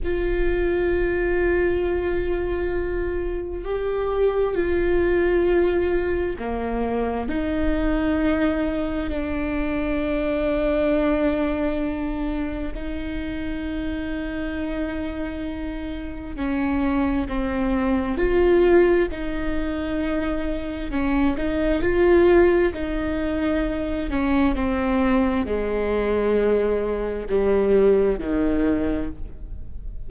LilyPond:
\new Staff \with { instrumentName = "viola" } { \time 4/4 \tempo 4 = 66 f'1 | g'4 f'2 ais4 | dis'2 d'2~ | d'2 dis'2~ |
dis'2 cis'4 c'4 | f'4 dis'2 cis'8 dis'8 | f'4 dis'4. cis'8 c'4 | gis2 g4 dis4 | }